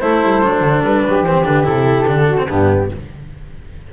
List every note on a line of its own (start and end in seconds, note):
0.00 0.23 A3
0.00 0.42 E4
0.00 1.05 A4
0.00 0.83 C5
0.23 0.43 G3
0.42 0.61 F#3
0.42 1.25 D4
0.61 0.81 D3
0.83 1.03 G3
0.83 1.24 B4
1.07 1.23 F#3
1.07 2.26 G4
1.23 1.44 E3
1.23 1.44 C4
1.23 1.45 C5
1.44 1.66 D3
1.44 1.64 D4
1.44 1.66 B4
1.64 2.07 C3
1.64 2.05 E4
1.64 2.48 A4
2.07 2.48 D3
2.07 2.38 D4
2.26 2.46 F#4
2.38 2.48 C4
2.47 2.91 G2
2.47 2.91 B3
2.47 2.88 D4
2.47 2.93 G4